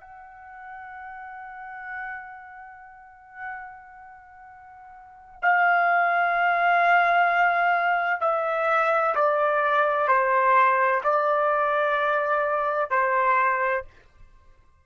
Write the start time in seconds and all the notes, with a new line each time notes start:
0.00 F#5
5.42 F5
8.21 E5
9.15 D5
10.07 C5
11.03 D5
12.90 C5